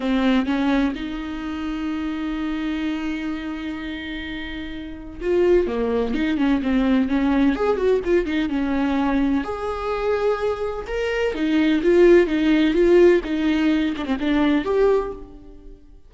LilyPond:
\new Staff \with { instrumentName = "viola" } { \time 4/4 \tempo 4 = 127 c'4 cis'4 dis'2~ | dis'1~ | dis'2. f'4 | ais4 dis'8 cis'8 c'4 cis'4 |
gis'8 fis'8 f'8 dis'8 cis'2 | gis'2. ais'4 | dis'4 f'4 dis'4 f'4 | dis'4. d'16 c'16 d'4 g'4 | }